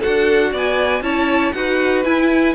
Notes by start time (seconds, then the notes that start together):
0.00 F#4 A4 F#5
0.07 D4
0.52 B3 D5 G#5
1.01 C#4 E4 C#5 A5
1.53 D#4 F#4 B4 F#5
2.05 E4 G#5